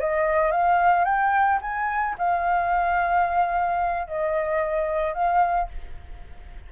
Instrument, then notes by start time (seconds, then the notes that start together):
flute
0.00 D#5
0.52 F5
1.05 G5
1.62 G#5
2.19 F5
4.08 D#5
5.14 F5